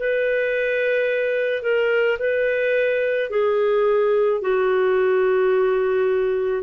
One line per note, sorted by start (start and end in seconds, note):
0.00 1.63 B4
1.63 2.18 A#4
2.19 3.30 B4
3.31 4.42 G#4
4.42 6.64 F#4